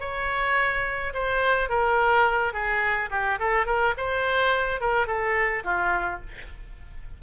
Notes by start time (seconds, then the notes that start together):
0.00 C#5
1.14 C5
1.69 A#4
2.53 G#4
3.10 G4
3.39 A4
3.66 A#4
3.97 C5
4.80 A#4
5.07 A4
5.64 F4